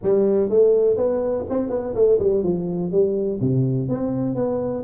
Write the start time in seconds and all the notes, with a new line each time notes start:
0.02 G3
0.49 A3
0.96 B3
1.49 C4
1.69 B3
1.94 A3
2.19 G3
2.43 F3
2.91 G3
3.40 C3
3.88 C4
4.35 B3